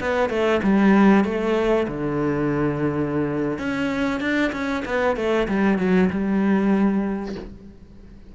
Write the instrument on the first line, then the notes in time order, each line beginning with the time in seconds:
cello
0.00 B3
0.30 A3
0.63 G3
1.24 A3
1.88 D3
3.58 C#4
4.20 D4
4.52 C#4
4.85 B3
5.16 A3
5.48 G3
5.78 F#3
6.10 G3